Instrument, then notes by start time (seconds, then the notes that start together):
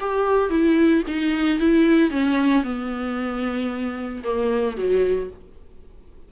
viola
0.00 G4
0.50 E4
1.07 D#4
1.59 E4
2.10 C#4
2.63 B3
4.23 A#3
4.77 F#3